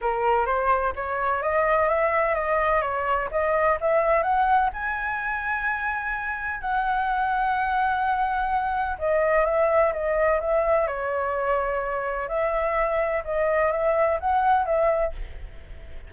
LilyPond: \new Staff \with { instrumentName = "flute" } { \time 4/4 \tempo 4 = 127 ais'4 c''4 cis''4 dis''4 | e''4 dis''4 cis''4 dis''4 | e''4 fis''4 gis''2~ | gis''2 fis''2~ |
fis''2. dis''4 | e''4 dis''4 e''4 cis''4~ | cis''2 e''2 | dis''4 e''4 fis''4 e''4 | }